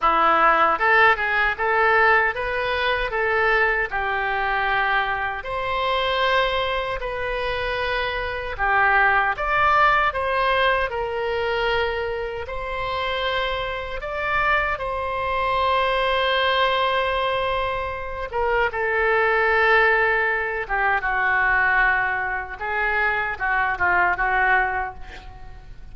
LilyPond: \new Staff \with { instrumentName = "oboe" } { \time 4/4 \tempo 4 = 77 e'4 a'8 gis'8 a'4 b'4 | a'4 g'2 c''4~ | c''4 b'2 g'4 | d''4 c''4 ais'2 |
c''2 d''4 c''4~ | c''2.~ c''8 ais'8 | a'2~ a'8 g'8 fis'4~ | fis'4 gis'4 fis'8 f'8 fis'4 | }